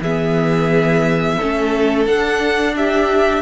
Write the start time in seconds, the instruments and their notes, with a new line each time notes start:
0.00 cello E3, viola B3, violin G#4 E5
1.37 cello A3, viola C#4, violin A4
2.06 cello D4, viola D4, violin F#5
2.76 violin G4 E5